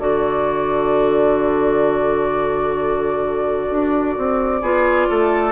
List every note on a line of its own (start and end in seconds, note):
0.00 3.69 D3
0.00 4.62 F#4
0.00 4.62 A4
0.00 5.53 D5
3.71 4.17 D4
4.18 4.62 C4
4.62 5.08 B3
4.62 5.53 F4
4.62 5.08 G#4
5.10 5.53 A3
5.10 5.53 A4